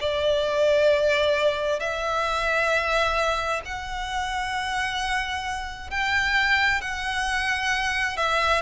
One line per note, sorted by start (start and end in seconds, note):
0.00 1.79 D5
1.79 3.61 E5
3.65 5.90 F#5
5.90 6.81 G5
6.81 8.17 F#5
8.17 8.61 E5